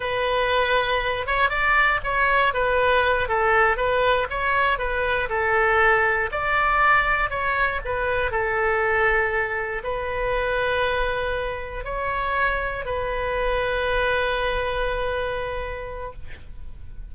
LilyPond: \new Staff \with { instrumentName = "oboe" } { \time 4/4 \tempo 4 = 119 b'2~ b'8 cis''8 d''4 | cis''4 b'4. a'4 b'8~ | b'8 cis''4 b'4 a'4.~ | a'8 d''2 cis''4 b'8~ |
b'8 a'2. b'8~ | b'2.~ b'8 cis''8~ | cis''4. b'2~ b'8~ | b'1 | }